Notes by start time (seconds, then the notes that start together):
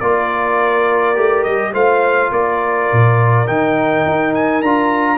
0.00 A#3 F4 A#4 D5
1.15 A3 G4
1.44 G3 D#5
1.73 A3 F4 C5 F5
2.31 A#3 A#4 D5
2.92 A#2
3.47 D#3 D#4 G5
4.06 D#4
4.34 G#5
4.62 D4 F4 A#5